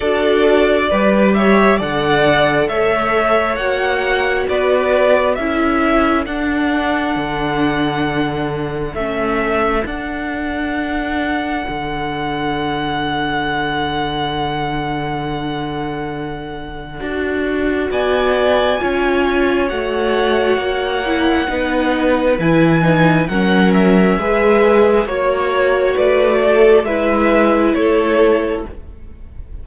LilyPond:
<<
  \new Staff \with { instrumentName = "violin" } { \time 4/4 \tempo 4 = 67 d''4. e''8 fis''4 e''4 | fis''4 d''4 e''4 fis''4~ | fis''2 e''4 fis''4~ | fis''1~ |
fis''1 | gis''2 fis''2~ | fis''4 gis''4 fis''8 e''4. | cis''4 d''4 e''4 cis''4 | }
  \new Staff \with { instrumentName = "violin" } { \time 4/4 a'4 b'8 cis''8 d''4 cis''4~ | cis''4 b'4 a'2~ | a'1~ | a'1~ |
a'1 | d''4 cis''2. | b'2 ais'4 b'4 | cis''4 b'8 a'8 b'4 a'4 | }
  \new Staff \with { instrumentName = "viola" } { \time 4/4 fis'4 g'4 a'2 | fis'2 e'4 d'4~ | d'2 cis'4 d'4~ | d'1~ |
d'2. fis'4~ | fis'4 f'4 fis'4. e'8 | dis'4 e'8 dis'8 cis'4 gis'4 | fis'2 e'2 | }
  \new Staff \with { instrumentName = "cello" } { \time 4/4 d'4 g4 d4 a4 | ais4 b4 cis'4 d'4 | d2 a4 d'4~ | d'4 d2.~ |
d2. d'4 | b4 cis'4 a4 ais4 | b4 e4 fis4 gis4 | ais4 a4 gis4 a4 | }
>>